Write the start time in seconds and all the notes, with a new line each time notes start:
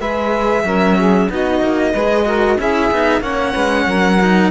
0.00 G#3 G#4 B4 E5
0.64 F#3 C#4 A#4
0.98 G#4
1.30 B3 D#4 F#4 D#5
1.61 A#3
1.93 G#3 G#4 B4
2.25 F#4 A#4
2.58 C#4 E4 G#4 E5
2.91 B3 D#4
3.21 A#3 C#4 C#5 F#5
3.52 G#3 B4
3.87 F#3 A#4
4.22 D#4